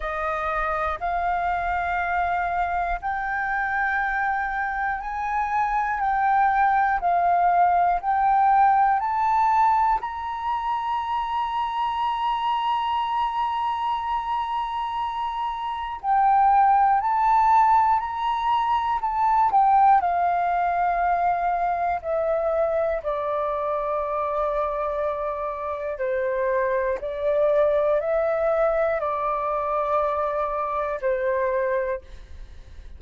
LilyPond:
\new Staff \with { instrumentName = "flute" } { \time 4/4 \tempo 4 = 60 dis''4 f''2 g''4~ | g''4 gis''4 g''4 f''4 | g''4 a''4 ais''2~ | ais''1 |
g''4 a''4 ais''4 a''8 g''8 | f''2 e''4 d''4~ | d''2 c''4 d''4 | e''4 d''2 c''4 | }